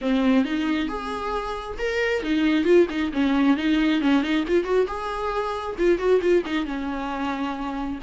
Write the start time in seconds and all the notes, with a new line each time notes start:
0.01 C4
0.44 D#4
0.88 G#4
1.78 A#4
2.22 D#4
2.64 F4
2.89 D#4
3.12 C#4
3.56 D#4
4.01 C#4
4.22 D#4
4.47 F4
4.64 F#4
4.87 G#4
5.78 F4
5.98 F#4
6.21 F4
6.45 D#4
6.65 C#4